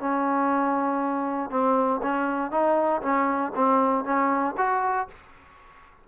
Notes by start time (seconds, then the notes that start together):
0.00 C#4
1.51 C4
2.03 C#4
2.52 D#4
3.02 C#4
3.56 C4
4.05 C#4
4.58 F#4